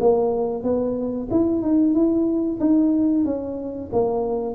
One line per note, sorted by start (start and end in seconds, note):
0.00 0.63 A#3
0.63 1.28 B3
1.31 1.62 E4
1.62 1.94 D#4
1.94 2.59 E4
2.60 3.25 D#4
3.25 3.90 C#4
3.92 4.55 A#3